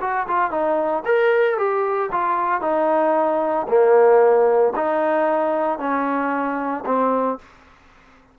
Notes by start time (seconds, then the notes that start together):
0.00 F#4
0.27 F4
0.50 D#4
1.05 A#4
1.57 G4
2.11 F4
2.61 D#4
3.68 A#3
4.76 D#4
5.78 C#4
6.85 C4